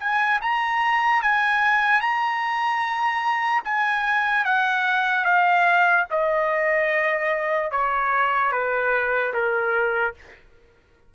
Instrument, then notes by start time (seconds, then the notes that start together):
trumpet
0.00 G#5
0.42 A#5
1.23 G#5
2.01 A#5
3.65 G#5
4.46 F#5
5.25 F5
6.11 D#5
7.72 C#5
8.52 B4
9.34 A#4